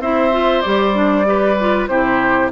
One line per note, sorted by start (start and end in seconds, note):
0.00 0.62 C4
0.00 0.32 E4
0.00 1.27 C5
0.00 0.62 E5
0.32 0.63 F4
0.62 1.88 G3
0.62 0.93 G4
0.62 1.87 D5
0.93 1.25 D4
1.25 1.56 G4
1.25 1.89 B4
1.60 1.89 F4
1.87 2.51 C3
1.87 2.52 E4
1.87 2.52 G4
1.87 2.50 C5